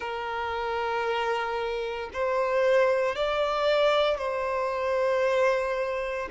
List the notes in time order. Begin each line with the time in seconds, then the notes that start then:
0.00 A#4
2.13 C5
3.15 D5
4.18 C5